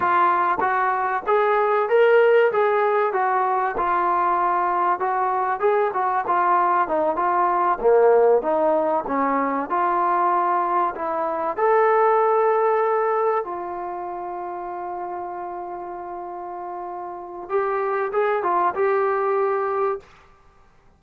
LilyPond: \new Staff \with { instrumentName = "trombone" } { \time 4/4 \tempo 4 = 96 f'4 fis'4 gis'4 ais'4 | gis'4 fis'4 f'2 | fis'4 gis'8 fis'8 f'4 dis'8 f'8~ | f'8 ais4 dis'4 cis'4 f'8~ |
f'4. e'4 a'4.~ | a'4. f'2~ f'8~ | f'1 | g'4 gis'8 f'8 g'2 | }